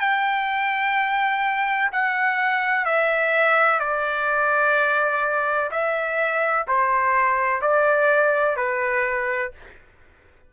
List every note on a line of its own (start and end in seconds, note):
0.00 1.90 G5
1.93 2.86 F#5
2.86 3.80 E5
3.80 5.71 D5
5.71 6.67 E5
6.68 7.62 C5
7.62 8.57 D5
8.57 9.52 B4